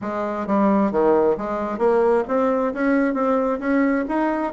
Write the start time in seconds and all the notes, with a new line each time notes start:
0.01 G#3
0.46 G3
0.91 D#3
1.37 G#3
1.78 A#3
2.28 C4
2.73 C#4
3.14 C4
3.59 C#4
4.08 D#4